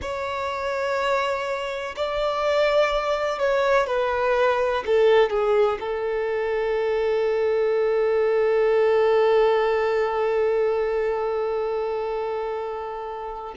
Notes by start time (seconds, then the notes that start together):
0.01 C#5
1.96 D5
3.39 C#5
3.87 B4
4.86 A4
5.30 G#4
5.80 A4